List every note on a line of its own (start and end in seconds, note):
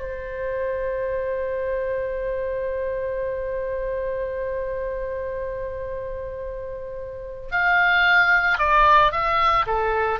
0.00 7.50 C5
7.51 8.58 F5
8.58 9.12 D5
9.12 9.66 E5
9.67 10.20 A4